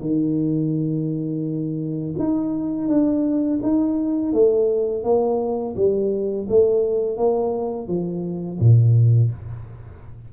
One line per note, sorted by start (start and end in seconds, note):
0.00 2.14 D#3
2.19 2.88 D#4
2.88 3.59 D4
3.62 4.32 D#4
4.32 5.03 A3
5.03 5.75 A#3
5.76 6.47 G3
6.49 7.17 A3
7.17 7.87 A#3
7.87 8.58 F3
8.59 9.31 A#2